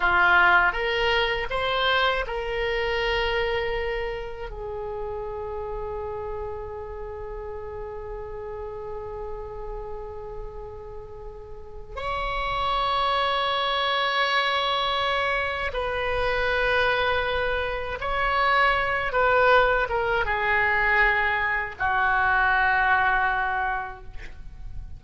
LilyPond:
\new Staff \with { instrumentName = "oboe" } { \time 4/4 \tempo 4 = 80 f'4 ais'4 c''4 ais'4~ | ais'2 gis'2~ | gis'1~ | gis'1 |
cis''1~ | cis''4 b'2. | cis''4. b'4 ais'8 gis'4~ | gis'4 fis'2. | }